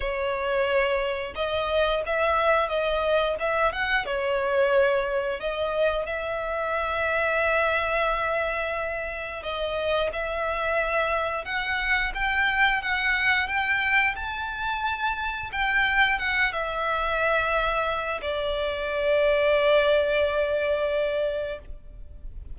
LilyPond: \new Staff \with { instrumentName = "violin" } { \time 4/4 \tempo 4 = 89 cis''2 dis''4 e''4 | dis''4 e''8 fis''8 cis''2 | dis''4 e''2.~ | e''2 dis''4 e''4~ |
e''4 fis''4 g''4 fis''4 | g''4 a''2 g''4 | fis''8 e''2~ e''8 d''4~ | d''1 | }